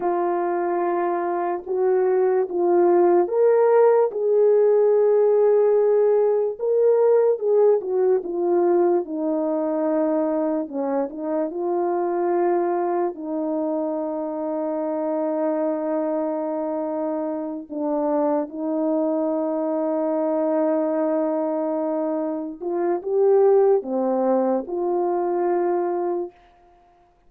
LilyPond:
\new Staff \with { instrumentName = "horn" } { \time 4/4 \tempo 4 = 73 f'2 fis'4 f'4 | ais'4 gis'2. | ais'4 gis'8 fis'8 f'4 dis'4~ | dis'4 cis'8 dis'8 f'2 |
dis'1~ | dis'4. d'4 dis'4.~ | dis'2.~ dis'8 f'8 | g'4 c'4 f'2 | }